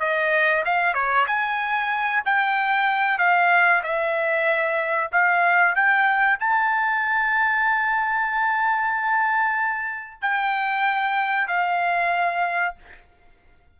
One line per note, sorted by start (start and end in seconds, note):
0.00 0.64 D#5
0.66 0.94 F5
0.94 1.26 C#5
1.27 2.23 G#5
2.25 3.19 G5
3.19 3.83 F5
3.84 5.11 E5
5.12 5.76 F5
5.76 6.39 G5
6.39 10.22 A5
10.22 11.48 G5
11.48 12.75 F5